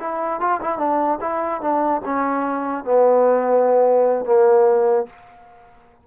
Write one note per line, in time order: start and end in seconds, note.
0.00 0.40 E4
0.40 0.61 F4
0.62 0.78 E4
0.78 1.19 D4
1.21 1.61 E4
1.61 2.02 D4
2.05 2.84 C#4
2.84 4.25 B3
4.25 5.06 A#3